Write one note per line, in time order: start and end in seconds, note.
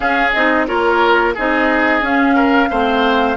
0.00 0.30 C#4
0.00 0.34 C#4
0.00 0.66 G#4
0.00 0.31 F5
0.32 0.68 C4
0.32 0.67 D#4
0.32 0.66 D#5
0.67 1.36 A#3
0.67 1.34 F4
0.67 1.34 A#4
0.67 1.34 C#5
1.34 2.01 C4
1.34 2.01 D#4
1.34 2.35 G#4
1.34 2.04 D#5
2.01 2.68 C#4
2.01 2.69 C#4
2.01 3.36 F5
2.35 2.69 A#4
2.69 3.36 A3
2.69 3.36 C4
2.69 3.36 C5